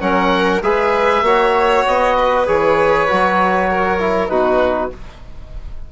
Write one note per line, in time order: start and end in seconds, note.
0.00 0.62 F#3
0.00 0.61 C#4
0.00 0.62 A#4
0.00 0.62 F#5
0.62 1.22 G#3
0.62 1.24 G#4
0.62 1.24 B4
0.62 1.85 E5
1.22 1.83 A#3
1.22 2.46 F#4
1.22 2.16 C#5
1.87 2.48 B3
1.87 2.47 D#5
2.17 3.70 B4
2.46 3.09 E3
2.46 3.08 G#4
2.46 4.28 C#5
3.08 4.29 F#3
3.08 3.99 F#4
3.70 4.31 A#4
3.99 4.29 E4
4.28 4.90 B2
4.28 4.90 D#4
4.28 4.92 F#4
4.28 4.90 B4